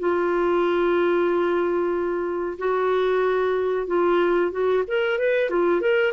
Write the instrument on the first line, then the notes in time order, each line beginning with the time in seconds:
clarinet
0.00 F4
2.59 F#4
3.87 F4
4.52 F#4
4.88 A#4
5.19 B4
5.50 F4
5.81 A#4